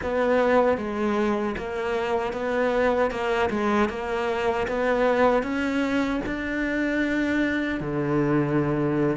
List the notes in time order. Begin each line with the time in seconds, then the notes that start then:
0.02 B3
0.77 G#3
1.57 A#3
2.32 B3
3.10 A#3
3.50 G#3
3.89 A#3
4.67 B3
5.43 C#4
6.26 D4
7.80 D3